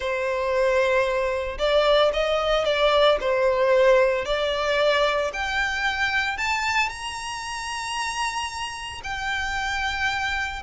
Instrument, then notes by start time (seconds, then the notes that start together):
violin
0.00 C5
1.58 D5
2.13 D#5
2.65 D5
3.20 C5
4.25 D5
5.33 G5
6.37 A5
6.89 A#5
9.03 G5